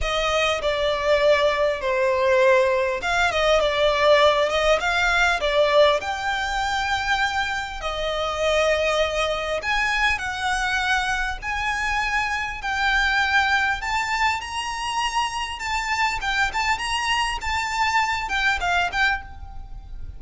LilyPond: \new Staff \with { instrumentName = "violin" } { \time 4/4 \tempo 4 = 100 dis''4 d''2 c''4~ | c''4 f''8 dis''8 d''4. dis''8 | f''4 d''4 g''2~ | g''4 dis''2. |
gis''4 fis''2 gis''4~ | gis''4 g''2 a''4 | ais''2 a''4 g''8 a''8 | ais''4 a''4. g''8 f''8 g''8 | }